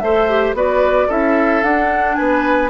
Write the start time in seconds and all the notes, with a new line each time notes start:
0.00 A3 A4 C5 E5
0.30 G4
0.54 B3 F#4 B4 D5
1.08 C#4 E4 A4 E5
1.63 D4 F#5
2.15 B3 B4 G#5